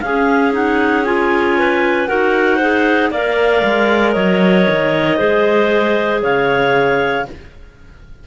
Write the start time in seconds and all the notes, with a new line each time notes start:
0.00 C#4 G#4 F5
0.52 D#4 F#5
1.05 F4 G#5
1.59 B4
2.07 D#4 F#4 A#4 F#5
2.57 G#4 C5
3.11 A#3 A#4 D5 F5
3.64 G#3
4.13 F#3 C#5 D#5
4.70 D#3
5.17 G#3 G#4 C5
6.22 C#3 C#5 F5